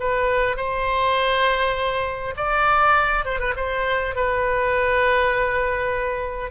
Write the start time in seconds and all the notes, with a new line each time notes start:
0.00 B4
0.57 C5
2.37 D5
3.25 C5
3.39 B4
3.56 C5
4.16 B4